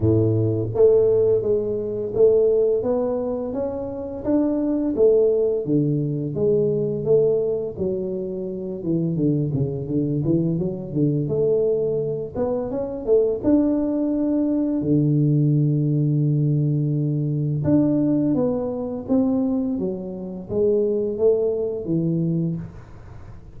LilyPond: \new Staff \with { instrumentName = "tuba" } { \time 4/4 \tempo 4 = 85 a,4 a4 gis4 a4 | b4 cis'4 d'4 a4 | d4 gis4 a4 fis4~ | fis8 e8 d8 cis8 d8 e8 fis8 d8 |
a4. b8 cis'8 a8 d'4~ | d'4 d2.~ | d4 d'4 b4 c'4 | fis4 gis4 a4 e4 | }